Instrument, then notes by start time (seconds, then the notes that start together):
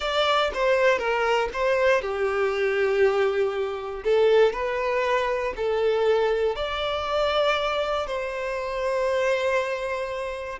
violin
0.00 D5
0.54 C5
0.98 A#4
1.53 C5
2.01 G4
4.04 A4
4.52 B4
5.56 A4
6.55 D5
8.06 C5